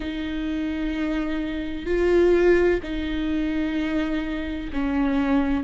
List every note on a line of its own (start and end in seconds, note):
0.00 1.86 D#4
1.86 2.80 F4
2.83 4.70 D#4
4.73 5.63 C#4